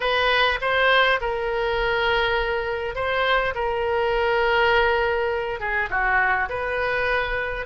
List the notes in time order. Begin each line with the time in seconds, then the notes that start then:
0.00 B4
0.61 C5
1.20 A#4
2.95 C5
3.55 A#4
5.59 G#4
5.90 F#4
6.49 B4